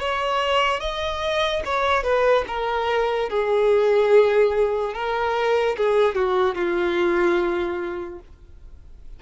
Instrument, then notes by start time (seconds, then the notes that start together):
violin
0.00 C#5
0.80 D#5
1.65 C#5
2.04 B4
2.48 A#4
3.30 G#4
4.94 A#4
5.77 G#4
6.15 F#4
6.55 F4